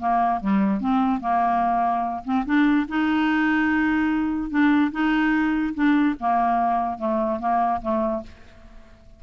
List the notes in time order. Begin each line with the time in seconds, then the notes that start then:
0.00 A#3
0.41 G3
0.81 C4
1.21 A#3
2.25 C4
2.46 D4
2.89 D#4
4.51 D4
4.92 D#4
5.75 D4
6.21 A#3
6.99 A3
7.40 A#3
7.82 A3